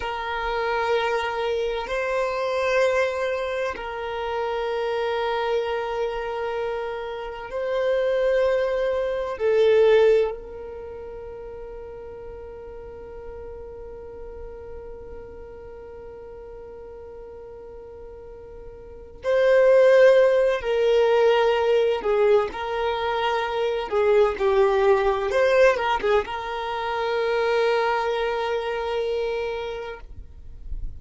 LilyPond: \new Staff \with { instrumentName = "violin" } { \time 4/4 \tempo 4 = 64 ais'2 c''2 | ais'1 | c''2 a'4 ais'4~ | ais'1~ |
ais'1~ | ais'8 c''4. ais'4. gis'8 | ais'4. gis'8 g'4 c''8 ais'16 gis'16 | ais'1 | }